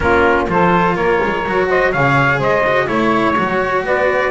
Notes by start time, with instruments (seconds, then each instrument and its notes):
0.00 double bass A#3, cello C#4, saxophone F4, trumpet A#4
0.48 double bass F3, cello F4, saxophone A4, trumpet C5
0.95 double bass A#3, saxophone A#4, trumpet C#5
1.23 double bass G#3
1.45 double bass F#3, cello F#4
1.68 saxophone C5, trumpet D#5
1.92 double bass C#3, cello G#4, saxophone C#5, trumpet F5
2.38 double bass G#3, saxophone C5, trumpet D#5
2.66 cello F#4
2.86 double bass A3, cello E4, trumpet C#5, saxophone C#5
3.36 double bass F#3, cello F#4
3.84 double bass B3, saxophone B4, trumpet D5